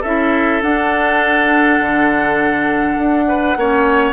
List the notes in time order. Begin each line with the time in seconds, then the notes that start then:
0.00 C#4 E4 A4 E5
0.62 D4 F#5
1.79 D3
2.98 D4
3.28 B4
3.56 A#3 C#4 C#5